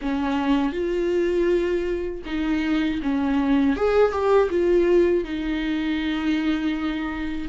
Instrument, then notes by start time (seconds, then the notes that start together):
viola
0.01 C#4
0.72 F4
2.25 D#4
3.02 C#4
3.76 G#4
4.11 G4
4.50 F4
5.24 D#4